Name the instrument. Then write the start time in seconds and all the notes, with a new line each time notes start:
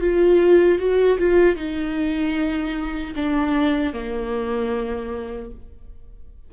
viola
0.00 F4
0.78 F#4
1.18 F4
1.55 D#4
3.15 D4
3.93 A#3